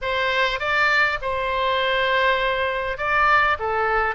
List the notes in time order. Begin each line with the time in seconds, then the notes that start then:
0.01 C5
0.59 D5
1.21 C5
2.97 D5
3.59 A4